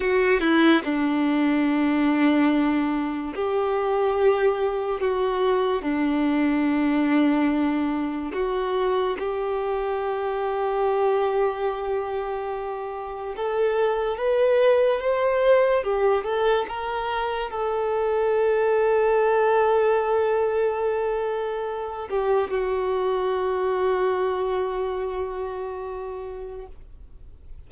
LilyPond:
\new Staff \with { instrumentName = "violin" } { \time 4/4 \tempo 4 = 72 fis'8 e'8 d'2. | g'2 fis'4 d'4~ | d'2 fis'4 g'4~ | g'1 |
a'4 b'4 c''4 g'8 a'8 | ais'4 a'2.~ | a'2~ a'8 g'8 fis'4~ | fis'1 | }